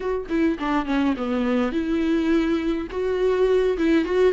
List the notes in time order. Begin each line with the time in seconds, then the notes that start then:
0.00 F#4
0.29 E4
0.59 D4
0.85 C#4
1.16 B3
1.72 E4
2.90 F#4
3.77 E4
4.05 F#4